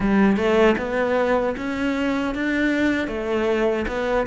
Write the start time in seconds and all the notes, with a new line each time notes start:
0.00 G3
0.36 A3
0.77 B3
1.57 C#4
2.34 D4
3.07 A3
3.87 B3